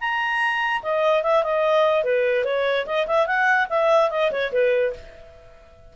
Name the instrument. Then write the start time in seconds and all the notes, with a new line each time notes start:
clarinet
0.00 A#5
0.83 D#5
1.23 E5
1.43 D#5
2.04 B4
2.45 C#5
2.86 D#5
3.07 E5
3.26 F#5
3.69 E5
4.10 D#5
4.31 C#5
4.52 B4